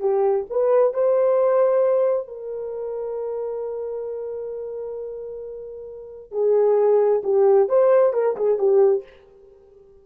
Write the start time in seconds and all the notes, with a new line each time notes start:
0.00 G4
0.50 B4
0.94 C5
2.27 A#4
6.32 G#4
7.24 G4
7.69 C5
8.13 A#4
8.36 G#4
8.58 G4